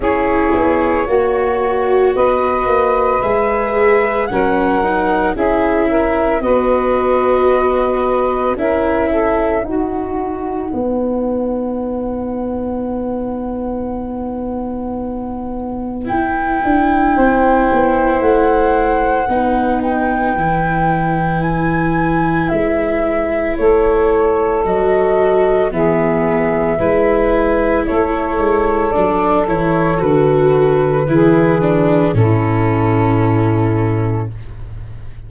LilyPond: <<
  \new Staff \with { instrumentName = "flute" } { \time 4/4 \tempo 4 = 56 cis''2 dis''4 e''4 | fis''4 e''4 dis''2 | e''4 fis''2.~ | fis''2. g''4~ |
g''4 fis''4. g''4. | gis''4 e''4 cis''4 dis''4 | e''2 cis''4 d''8 cis''8 | b'2 a'2 | }
  \new Staff \with { instrumentName = "saxophone" } { \time 4/4 gis'4 fis'4 b'2 | ais'4 gis'8 ais'8 b'2 | ais'8 a'8 fis'4 b'2~ | b'1 |
c''2 b'2~ | b'2 a'2 | gis'4 b'4 a'2~ | a'4 gis'4 e'2 | }
  \new Staff \with { instrumentName = "viola" } { \time 4/4 e'4 fis'2 gis'4 | cis'8 dis'8 e'4 fis'2 | e'4 dis'2.~ | dis'2. e'4~ |
e'2 dis'4 e'4~ | e'2. fis'4 | b4 e'2 d'8 e'8 | fis'4 e'8 d'8 cis'2 | }
  \new Staff \with { instrumentName = "tuba" } { \time 4/4 cis'8 b8 ais4 b8 ais8 gis4 | fis4 cis'4 b2 | cis'4 dis'4 b2~ | b2. e'8 d'8 |
c'8 b8 a4 b4 e4~ | e4 gis4 a4 fis4 | e4 gis4 a8 gis8 fis8 e8 | d4 e4 a,2 | }
>>